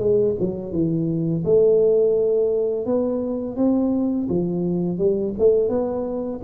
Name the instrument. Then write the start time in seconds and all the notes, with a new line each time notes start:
tuba
0.00 G#3
0.40 F#3
0.73 E3
1.45 A3
2.86 B3
3.57 C4
4.29 F3
4.98 G3
5.39 A3
5.69 B3